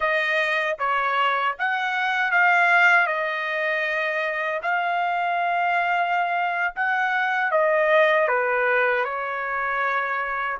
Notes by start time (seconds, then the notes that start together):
0.00 D#5
0.78 C#5
1.58 F#5
2.31 F5
3.07 D#5
4.62 F5
6.75 F#5
7.51 D#5
8.28 B4
9.04 C#5